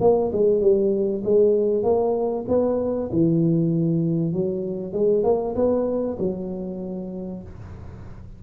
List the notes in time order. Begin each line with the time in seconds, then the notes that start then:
0.00 A#3
0.32 G#3
0.61 G3
1.24 G#3
1.83 A#3
2.48 B3
3.12 E3
4.32 F#3
4.92 G#3
5.24 A#3
5.55 B3
6.18 F#3